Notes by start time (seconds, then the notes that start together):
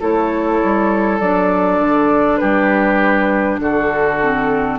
0.00 A3 E4 A4 C#5
0.64 G3
1.20 F#3 D4 D5
1.79 D3
2.38 G3 G4 B4
3.59 D3 F#4 A4
4.22 C4